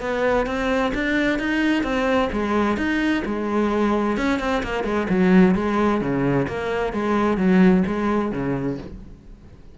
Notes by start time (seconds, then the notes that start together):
0.00 B3
0.46 C4
0.94 D4
1.38 D#4
1.83 C4
2.32 G#3
2.77 D#4
3.25 G#3
4.17 C#4
4.39 C4
4.63 A#3
4.84 G#3
5.09 F#3
5.55 G#3
6.01 C#3
6.47 A#3
6.93 G#3
7.37 F#3
7.86 G#3
8.32 C#3